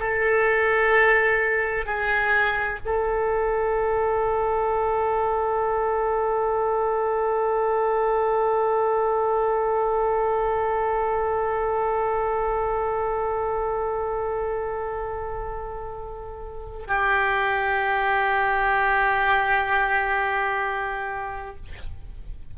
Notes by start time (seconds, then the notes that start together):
0.00 A4
1.86 G#4
2.86 A4
16.87 G4